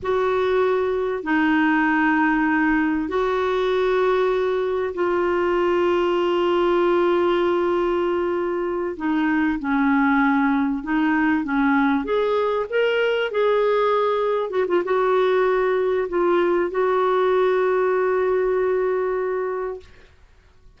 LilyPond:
\new Staff \with { instrumentName = "clarinet" } { \time 4/4 \tempo 4 = 97 fis'2 dis'2~ | dis'4 fis'2. | f'1~ | f'2~ f'8 dis'4 cis'8~ |
cis'4. dis'4 cis'4 gis'8~ | gis'8 ais'4 gis'2 fis'16 f'16 | fis'2 f'4 fis'4~ | fis'1 | }